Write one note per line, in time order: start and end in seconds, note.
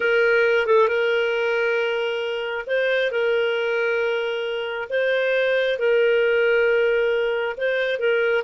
0.00 0.66 A#4
0.66 0.87 A4
0.87 2.65 A#4
2.66 3.11 C5
3.11 4.88 A#4
4.89 5.78 C5
5.78 7.56 A#4
7.57 7.99 C5
7.99 8.43 A#4